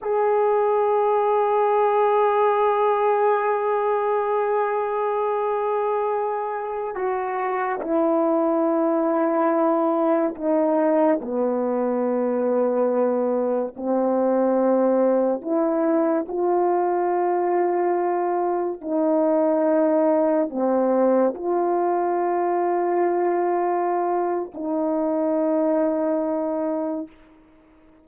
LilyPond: \new Staff \with { instrumentName = "horn" } { \time 4/4 \tempo 4 = 71 gis'1~ | gis'1~ | gis'16 fis'4 e'2~ e'8.~ | e'16 dis'4 b2~ b8.~ |
b16 c'2 e'4 f'8.~ | f'2~ f'16 dis'4.~ dis'16~ | dis'16 c'4 f'2~ f'8.~ | f'4 dis'2. | }